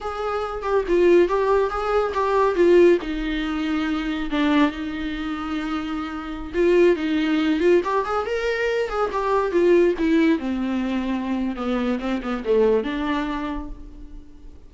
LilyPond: \new Staff \with { instrumentName = "viola" } { \time 4/4 \tempo 4 = 140 gis'4. g'8 f'4 g'4 | gis'4 g'4 f'4 dis'4~ | dis'2 d'4 dis'4~ | dis'2.~ dis'16 f'8.~ |
f'16 dis'4. f'8 g'8 gis'8 ais'8.~ | ais'8. gis'8 g'4 f'4 e'8.~ | e'16 c'2~ c'8. b4 | c'8 b8 a4 d'2 | }